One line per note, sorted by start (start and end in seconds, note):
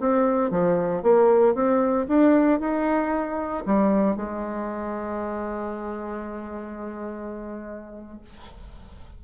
0.00 0.51 C4
0.51 1.02 F3
1.02 1.54 A#3
1.54 2.07 C4
2.08 2.59 D4
2.59 3.64 D#4
3.65 4.16 G3
4.16 8.21 G#3